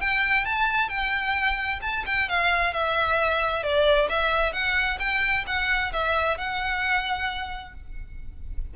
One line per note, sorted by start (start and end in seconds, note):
0.00 0.45 G5
0.45 0.88 A5
0.88 1.79 G5
1.81 2.04 A5
2.06 2.28 G5
2.28 2.73 F5
2.73 3.63 E5
3.63 4.08 D5
4.09 4.52 E5
4.52 4.98 F#5
4.99 5.44 G5
5.46 5.92 F#5
5.92 6.37 E5
6.37 7.74 F#5